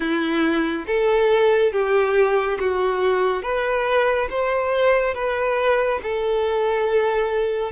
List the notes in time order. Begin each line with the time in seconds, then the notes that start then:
0.00 E4
0.86 A4
1.72 G4
2.59 F#4
3.42 B4
4.29 C5
5.14 B4
6.02 A4